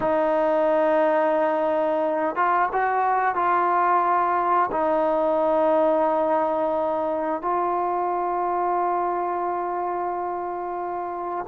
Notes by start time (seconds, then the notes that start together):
0.00 D#4
2.35 F4
2.72 F#4
3.35 F4
4.71 D#4
7.41 F4